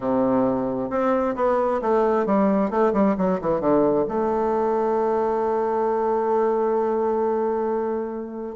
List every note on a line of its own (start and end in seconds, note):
0.00 0.90 C3
0.90 1.35 C4
1.35 1.80 B3
1.81 2.26 A3
2.26 2.70 G3
2.70 2.93 A3
2.93 3.15 G3
3.17 3.40 F#3
3.41 3.60 E3
3.60 4.05 D3
4.08 8.56 A3